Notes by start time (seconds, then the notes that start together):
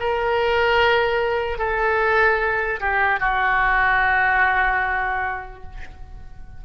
0.00 A#4
1.58 A4
2.80 G4
3.20 F#4